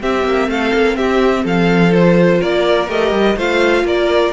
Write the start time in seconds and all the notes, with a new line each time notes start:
0.00 C4 G4 E5
0.24 A#3
0.48 A3 A4 F5
0.73 A#3
0.96 C4 G4 E5
1.44 F3 A4 F5
1.91 F4 C5
2.40 A#3 A#4 D5
2.88 A3 G4 D#5
3.12 G3
3.36 A3 F4 C5 F5
3.83 A#3 A#4 D5